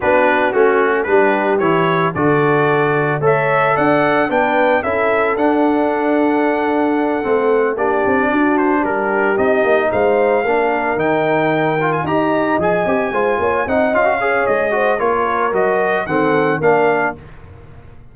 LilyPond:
<<
  \new Staff \with { instrumentName = "trumpet" } { \time 4/4 \tempo 4 = 112 b'4 fis'4 b'4 cis''4 | d''2 e''4 fis''4 | g''4 e''4 fis''2~ | fis''2~ fis''8 d''4. |
c''8 ais'4 dis''4 f''4.~ | f''8 g''4.~ g''16 gis''16 ais''4 gis''8~ | gis''4. fis''8 f''4 dis''4 | cis''4 dis''4 fis''4 f''4 | }
  \new Staff \with { instrumentName = "horn" } { \time 4/4 fis'2 g'2 | a'2 cis''4 d''4 | b'4 a'2.~ | a'2~ a'8 g'4 fis'8~ |
fis'8 g'2 c''4 ais'8~ | ais'2~ ais'8 dis''4.~ | dis''8 c''8 cis''8 dis''4 cis''4 c''8 | ais'2 a'4 ais'4 | }
  \new Staff \with { instrumentName = "trombone" } { \time 4/4 d'4 cis'4 d'4 e'4 | fis'2 a'2 | d'4 e'4 d'2~ | d'4. c'4 d'4.~ |
d'4. dis'2 d'8~ | d'8 dis'4. f'8 g'4 gis'8 | g'8 f'4 dis'8 f'16 fis'16 gis'4 fis'8 | f'4 fis'4 c'4 d'4 | }
  \new Staff \with { instrumentName = "tuba" } { \time 4/4 b4 a4 g4 e4 | d2 a4 d'4 | b4 cis'4 d'2~ | d'4. a4 ais8 c'8 d'8~ |
d'8 g4 c'8 ais8 gis4 ais8~ | ais8 dis2 dis'4 f8 | c'8 gis8 ais8 c'8 cis'4 gis4 | ais4 fis4 dis4 ais4 | }
>>